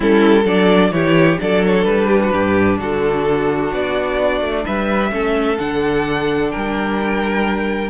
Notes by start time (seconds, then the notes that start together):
0.00 G3 C#4 E4 A4
0.43 F#3 D4 A4 D5
0.91 E3 E4 G4 C#5
1.38 F#3 D4 A4 D5
1.65 C#5
1.85 G3 B4
2.07 G4
2.23 F#4
2.32 G2 G4
2.78 D3 F#4 A4
3.72 B3 D5
4.41 A3
4.65 G3 B4 E5
5.11 A3 C#4 A4
5.58 D3 D4 F#5
6.50 G3 A#4 G5